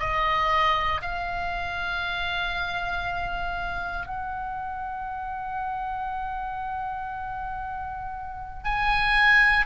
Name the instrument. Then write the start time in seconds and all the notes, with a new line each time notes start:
oboe
0.00 D#5
1.02 F5
4.07 F#5
8.64 G#5